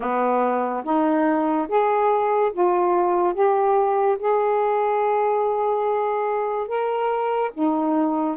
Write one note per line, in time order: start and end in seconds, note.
0.00 0.83 B3
0.84 1.67 D#4
1.68 2.52 G#4
2.52 3.33 F4
3.33 4.17 G4
4.19 6.67 G#4
6.67 7.50 A#4
7.53 8.36 D#4